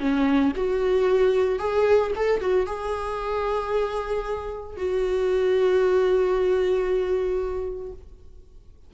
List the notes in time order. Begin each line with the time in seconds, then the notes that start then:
0.00 C#4
0.56 F#4
1.59 G#4
2.16 A4
2.41 F#4
2.67 G#4
4.77 F#4